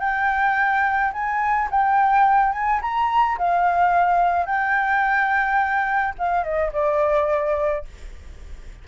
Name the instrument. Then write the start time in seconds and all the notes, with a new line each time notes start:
flute
0.00 G5
1.13 G#5
1.71 G5
2.53 G#5
2.82 A#5
3.38 F5
4.47 G5
6.19 F5
6.44 D#5
6.73 D5